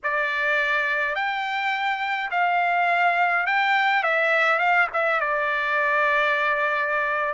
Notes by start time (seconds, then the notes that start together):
0.03 D5
1.15 G5
2.31 F5
3.46 G5
4.03 E5
4.58 F5
4.93 E5
5.20 D5